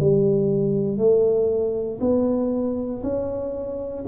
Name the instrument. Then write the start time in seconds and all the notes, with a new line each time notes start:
tuba
0.00 G3
0.98 A3
2.01 B3
3.03 C#4